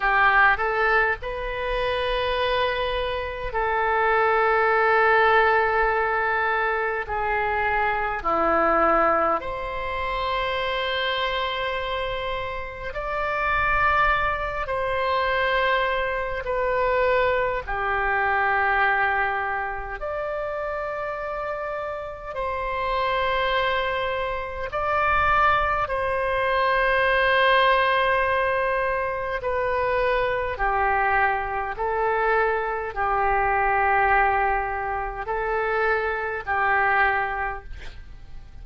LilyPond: \new Staff \with { instrumentName = "oboe" } { \time 4/4 \tempo 4 = 51 g'8 a'8 b'2 a'4~ | a'2 gis'4 e'4 | c''2. d''4~ | d''8 c''4. b'4 g'4~ |
g'4 d''2 c''4~ | c''4 d''4 c''2~ | c''4 b'4 g'4 a'4 | g'2 a'4 g'4 | }